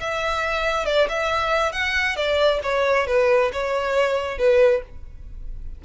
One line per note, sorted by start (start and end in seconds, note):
0.00 0.85 E5
0.85 1.07 D5
1.08 1.72 E5
1.72 2.16 F#5
2.16 2.60 D5
2.62 3.07 C#5
3.07 3.51 B4
3.53 4.38 C#5
4.38 4.82 B4